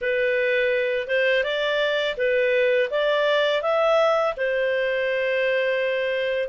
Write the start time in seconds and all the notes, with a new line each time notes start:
0.01 B4
1.07 C5
1.43 D5
2.17 B4
2.90 D5
3.61 E5
4.36 C5